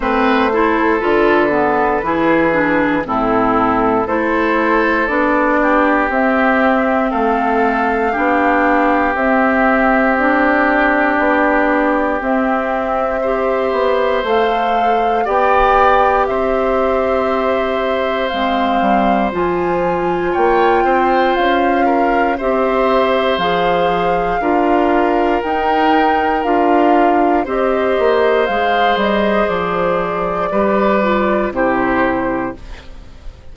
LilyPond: <<
  \new Staff \with { instrumentName = "flute" } { \time 4/4 \tempo 4 = 59 c''4 b'2 a'4 | c''4 d''4 e''4 f''4~ | f''4 e''4 d''2 | e''2 f''4 g''4 |
e''2 f''4 gis''4 | g''4 f''4 e''4 f''4~ | f''4 g''4 f''4 dis''4 | f''8 dis''8 d''2 c''4 | }
  \new Staff \with { instrumentName = "oboe" } { \time 4/4 b'8 a'4. gis'4 e'4 | a'4. g'4. a'4 | g'1~ | g'4 c''2 d''4 |
c''1 | cis''8 c''4 ais'8 c''2 | ais'2. c''4~ | c''2 b'4 g'4 | }
  \new Staff \with { instrumentName = "clarinet" } { \time 4/4 c'8 e'8 f'8 b8 e'8 d'8 c'4 | e'4 d'4 c'2 | d'4 c'4 d'2 | c'4 g'4 a'4 g'4~ |
g'2 c'4 f'4~ | f'2 g'4 gis'4 | f'4 dis'4 f'4 g'4 | gis'2 g'8 f'8 e'4 | }
  \new Staff \with { instrumentName = "bassoon" } { \time 4/4 a4 d4 e4 a,4 | a4 b4 c'4 a4 | b4 c'2 b4 | c'4. b8 a4 b4 |
c'2 gis8 g8 f4 | ais8 c'8 cis'4 c'4 f4 | d'4 dis'4 d'4 c'8 ais8 | gis8 g8 f4 g4 c4 | }
>>